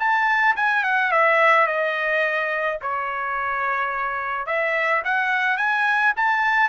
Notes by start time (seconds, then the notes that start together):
0.00 A5
0.56 G#5
0.84 F#5
1.12 E5
1.67 D#5
2.82 C#5
4.47 E5
5.05 F#5
5.58 G#5
6.17 A5